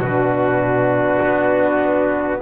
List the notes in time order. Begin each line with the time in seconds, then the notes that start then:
0.00 B2 D4 F#4 B4
1.22 B3